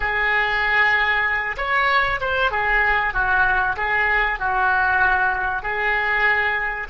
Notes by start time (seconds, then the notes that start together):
0.00 G#4
1.57 C#5
2.20 C5
2.51 G#4
3.13 F#4
3.76 G#4
4.39 F#4
5.62 G#4